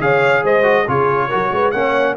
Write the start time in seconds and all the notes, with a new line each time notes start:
0.00 C#3 G#4 C#5 F5
0.43 G#3 C5 D#5
0.63 F#4
0.87 C#3 F4 G#4 C#5
1.28 F#3 F#4 A#4
1.51 G#3 B4
1.71 A#3 C#4 C#5 F#5